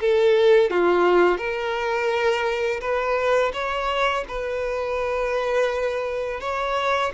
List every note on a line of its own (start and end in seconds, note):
0.00 0.70 A4
0.70 1.38 F4
1.38 2.81 A#4
2.81 3.52 B4
3.53 4.24 C#5
4.28 6.41 B4
6.41 7.12 C#5